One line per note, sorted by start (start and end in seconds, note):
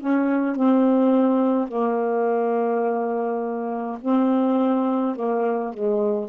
0.00 0.56 C#4
0.56 1.68 C4
1.68 3.99 A#3
4.02 5.16 C4
5.16 5.74 A#3
5.74 6.29 G#3